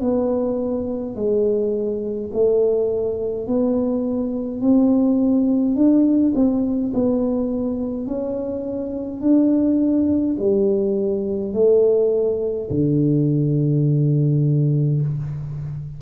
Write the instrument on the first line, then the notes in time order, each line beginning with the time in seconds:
tuba
0.00 B3
1.15 G#3
2.33 A3
3.47 B3
4.61 C4
5.75 D4
6.35 C4
6.94 B3
8.07 C#4
9.20 D4
10.38 G3
11.53 A3
12.70 D3